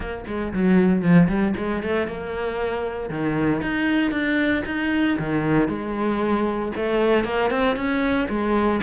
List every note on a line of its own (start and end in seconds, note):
0.00 0.24 A#3
0.27 0.52 G#3
0.53 1.02 F#3
1.02 1.27 F3
1.28 1.54 G3
1.56 1.82 G#3
1.82 2.07 A3
2.07 3.09 A#3
3.09 3.61 D#3
3.61 4.11 D#4
4.11 4.63 D4
4.65 5.17 D#4
5.19 5.68 D#3
5.68 6.71 G#3
6.76 7.24 A3
7.24 7.50 A#3
7.50 7.75 C4
7.75 8.27 C#4
8.29 8.80 G#3